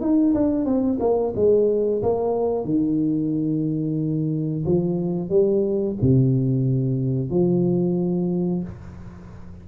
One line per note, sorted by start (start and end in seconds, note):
0.00 0.33 D#4
0.34 0.65 D4
0.65 0.98 C4
1.00 1.33 A#3
1.35 2.02 G#3
2.02 2.64 A#3
2.64 4.64 D#3
4.65 5.29 F3
5.29 5.95 G3
6.01 7.30 C3
7.30 8.63 F3